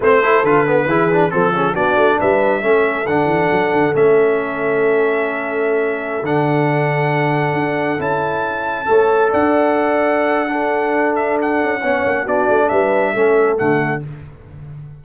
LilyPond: <<
  \new Staff \with { instrumentName = "trumpet" } { \time 4/4 \tempo 4 = 137 c''4 b'2 a'4 | d''4 e''2 fis''4~ | fis''4 e''2.~ | e''2~ e''16 fis''4.~ fis''16~ |
fis''2~ fis''16 a''4.~ a''16~ | a''4~ a''16 fis''2~ fis''8.~ | fis''4. e''8 fis''2 | d''4 e''2 fis''4 | }
  \new Staff \with { instrumentName = "horn" } { \time 4/4 b'8 a'4. gis'4 a'8 gis'8 | fis'4 b'4 a'2~ | a'1~ | a'1~ |
a'1~ | a'16 cis''4 d''2~ d''8. | a'2. cis''4 | fis'4 b'4 a'2 | }
  \new Staff \with { instrumentName = "trombone" } { \time 4/4 c'8 e'8 f'8 b8 e'8 d'8 c'8 cis'8 | d'2 cis'4 d'4~ | d'4 cis'2.~ | cis'2~ cis'16 d'4.~ d'16~ |
d'2~ d'16 e'4.~ e'16~ | e'16 a'2.~ a'8. | d'2. cis'4 | d'2 cis'4 a4 | }
  \new Staff \with { instrumentName = "tuba" } { \time 4/4 a4 d4 e4 f4 | b8 a8 g4 a4 d8 e8 | fis8 d8 a2.~ | a2~ a16 d4.~ d16~ |
d4~ d16 d'4 cis'4.~ cis'16~ | cis'16 a4 d'2~ d'8.~ | d'2~ d'8 cis'8 b8 ais8 | b8 a8 g4 a4 d4 | }
>>